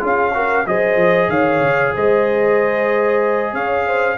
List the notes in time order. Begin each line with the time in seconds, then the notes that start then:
0.00 C#4 F4 G#4 F5
0.33 F#4 A#4
0.66 F#3 G#4 C5 D#5
0.95 F3
1.28 D#3 C#5 F5
1.59 C#3
1.94 G#3 C5 D#5
3.53 C#4 C#5 F5
3.86 C5